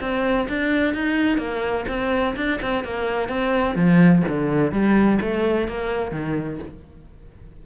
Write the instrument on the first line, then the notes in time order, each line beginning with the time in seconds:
cello
0.00 C4
0.48 D4
0.94 D#4
1.38 A#3
1.88 C4
2.36 D4
2.61 C4
2.84 A#3
3.28 C4
3.75 F3
4.28 D3
4.72 G3
5.21 A3
5.68 A#3
6.11 D#3